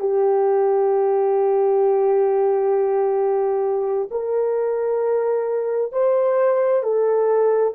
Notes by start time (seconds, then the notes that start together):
0.00 G4
4.11 A#4
5.93 C5
6.83 A4